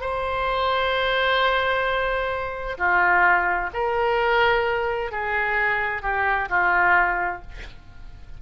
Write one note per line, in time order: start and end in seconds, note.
0.00 2.77 C5
2.77 3.70 F4
3.73 5.11 A#4
5.11 6.02 G#4
6.02 6.48 G4
6.49 7.41 F4